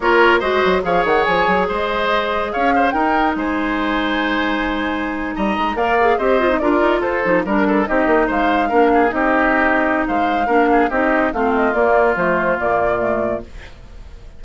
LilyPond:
<<
  \new Staff \with { instrumentName = "flute" } { \time 4/4 \tempo 4 = 143 cis''4 dis''4 f''8 fis''8 gis''4 | dis''2 f''4 g''4 | gis''1~ | gis''8. ais''4 f''4 dis''4 d''16~ |
d''8. c''4 ais'4 dis''4 f''16~ | f''4.~ f''16 dis''2~ dis''16 | f''2 dis''4 f''8 dis''8 | d''4 c''4 d''2 | }
  \new Staff \with { instrumentName = "oboe" } { \time 4/4 ais'4 c''4 cis''2 | c''2 cis''8 c''8 ais'4 | c''1~ | c''8. dis''4 d''4 c''4 ais'16~ |
ais'8. a'4 ais'8 a'8 g'4 c''16~ | c''8. ais'8 gis'8 g'2~ g'16 | c''4 ais'8 gis'8 g'4 f'4~ | f'1 | }
  \new Staff \with { instrumentName = "clarinet" } { \time 4/4 f'4 fis'4 gis'2~ | gis'2. dis'4~ | dis'1~ | dis'4.~ dis'16 ais'8 gis'8 g'8 f'16 dis'16 f'16~ |
f'4~ f'16 dis'8 d'4 dis'4~ dis'16~ | dis'8. d'4 dis'2~ dis'16~ | dis'4 d'4 dis'4 c'4 | ais4 a4 ais4 a4 | }
  \new Staff \with { instrumentName = "bassoon" } { \time 4/4 ais4 gis8 fis8 f8 dis8 f8 fis8 | gis2 cis'4 dis'4 | gis1~ | gis8. g8 gis8 ais4 c'4 d'16~ |
d'16 dis'8 f'8 f8 g4 c'8 ais8 gis16~ | gis8. ais4 c'2~ c'16 | gis4 ais4 c'4 a4 | ais4 f4 ais,2 | }
>>